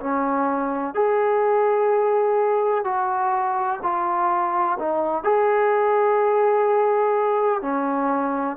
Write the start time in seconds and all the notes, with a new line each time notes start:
0.00 C#4
0.94 G#4
2.84 F#4
3.83 F4
4.79 D#4
5.24 G#4
7.62 C#4